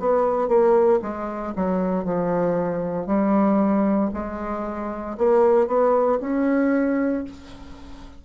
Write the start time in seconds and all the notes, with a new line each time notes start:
0.00 B3
0.48 A#3
1.03 G#3
1.56 F#3
2.05 F3
3.07 G3
4.14 G#3
5.18 A#3
5.68 B3
6.21 C#4